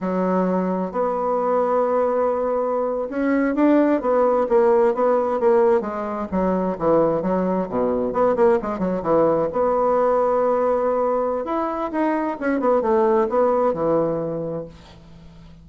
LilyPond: \new Staff \with { instrumentName = "bassoon" } { \time 4/4 \tempo 4 = 131 fis2 b2~ | b2~ b8. cis'4 d'16~ | d'8. b4 ais4 b4 ais16~ | ais8. gis4 fis4 e4 fis16~ |
fis8. b,4 b8 ais8 gis8 fis8 e16~ | e8. b2.~ b16~ | b4 e'4 dis'4 cis'8 b8 | a4 b4 e2 | }